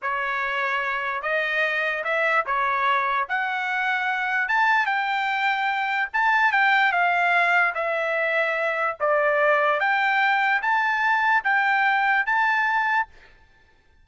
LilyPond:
\new Staff \with { instrumentName = "trumpet" } { \time 4/4 \tempo 4 = 147 cis''2. dis''4~ | dis''4 e''4 cis''2 | fis''2. a''4 | g''2. a''4 |
g''4 f''2 e''4~ | e''2 d''2 | g''2 a''2 | g''2 a''2 | }